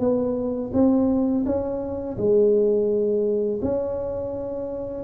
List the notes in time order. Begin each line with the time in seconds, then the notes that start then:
0.00 B3
0.73 C4
1.45 C#4
2.18 G#3
3.62 C#4